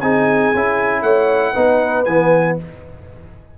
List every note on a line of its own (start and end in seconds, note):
0.00 0.53 C4
0.00 0.54 D#4
0.00 1.03 G#4
0.00 1.02 G#5
0.54 1.02 C#4
0.54 1.54 E4
1.02 1.53 A3
1.02 1.53 C#5
1.02 2.04 F#5
1.53 2.07 B3
1.53 2.06 D#4
1.53 2.55 B4
2.04 2.58 E3
2.04 2.58 B3
2.04 2.56 G#5